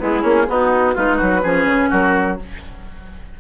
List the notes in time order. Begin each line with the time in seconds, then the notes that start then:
0.00 G#3 B3 E4 G#4
0.21 A#3 C#4
0.47 B3 D#4 F#4
0.94 G#3 D#4 F4 B4
1.17 F#3 F#4
1.43 F3 C#4 G#4
1.66 C#3
1.90 F#3 F#4 A#4